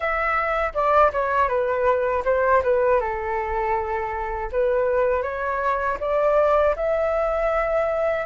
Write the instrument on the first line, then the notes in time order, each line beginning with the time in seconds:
flute
0.00 E5
0.74 D5
1.12 C#5
1.48 B4
2.25 C5
2.63 B4
3.00 A4
4.52 B4
5.22 C#5
6.00 D5
6.76 E5